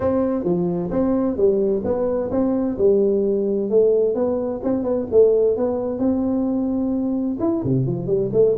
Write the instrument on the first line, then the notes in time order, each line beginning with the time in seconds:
tuba
0.00 C4
0.44 F3
0.90 C4
1.36 G3
1.84 B3
2.31 C4
2.77 G3
3.70 A3
4.14 B3
4.63 C4
4.83 B3
5.11 A3
5.57 B3
5.98 C4
7.39 E4
7.64 C3
7.86 F3
8.06 G3
8.32 A3